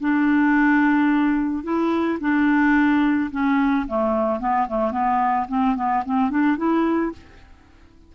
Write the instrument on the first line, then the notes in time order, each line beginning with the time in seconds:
clarinet
0.00 D4
1.63 E4
2.20 D4
3.31 C#4
3.87 A3
4.39 B3
4.68 A3
4.91 B3
5.48 C4
5.75 B3
6.05 C4
6.30 D4
6.57 E4